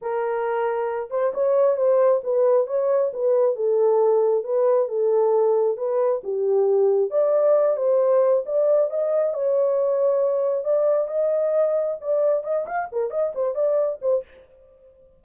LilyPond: \new Staff \with { instrumentName = "horn" } { \time 4/4 \tempo 4 = 135 ais'2~ ais'8 c''8 cis''4 | c''4 b'4 cis''4 b'4 | a'2 b'4 a'4~ | a'4 b'4 g'2 |
d''4. c''4. d''4 | dis''4 cis''2. | d''4 dis''2 d''4 | dis''8 f''8 ais'8 dis''8 c''8 d''4 c''8 | }